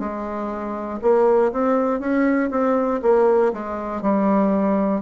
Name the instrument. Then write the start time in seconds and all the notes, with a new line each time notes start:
bassoon
0.00 G#3
1.02 A#3
1.53 C4
2.00 C#4
2.51 C4
3.03 A#3
3.53 G#3
4.02 G3